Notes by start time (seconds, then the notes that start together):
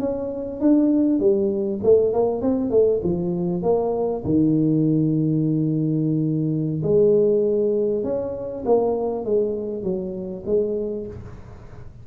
0.00 C#4
0.61 D4
1.20 G3
1.83 A3
2.13 A#3
2.42 C4
2.71 A3
3.03 F3
3.63 A#3
4.25 D#3
6.83 G#3
8.04 C#4
8.66 A#3
9.25 G#3
9.83 F#3
10.46 G#3